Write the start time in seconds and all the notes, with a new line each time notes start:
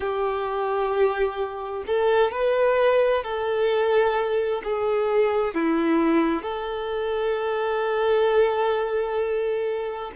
0.00 G4
1.87 A4
2.31 B4
3.23 A4
4.64 G#4
5.54 E4
6.42 A4